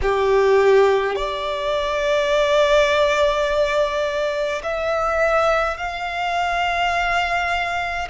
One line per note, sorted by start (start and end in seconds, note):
0.02 1.15 G4
1.15 4.62 D5
4.63 5.77 E5
5.77 8.08 F5